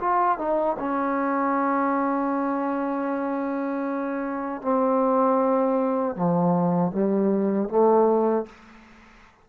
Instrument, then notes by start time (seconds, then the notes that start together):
trombone
0.00 F4
0.38 D#4
0.79 C#4
4.62 C4
6.16 F3
6.92 G3
7.69 A3